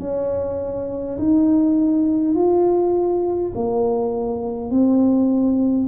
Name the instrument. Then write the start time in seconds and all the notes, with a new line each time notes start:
tuba
0.00 C#4
1.18 D#4
2.35 F4
3.55 A#3
4.71 C4